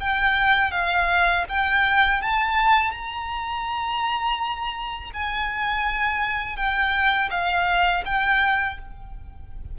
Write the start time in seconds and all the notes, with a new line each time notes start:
0.00 G5
0.71 F5
1.49 G5
2.22 A5
2.91 A#5
5.14 G#5
6.56 G5
7.30 F5
8.05 G5